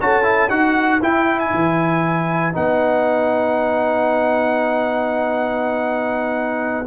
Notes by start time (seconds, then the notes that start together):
0.00 C#4 F#4 A4 A5
0.23 E4
0.49 D#4 F#4 B4 F#5
1.01 E4 G5
1.39 G#5
1.54 E3
2.52 B3 D#4 F#5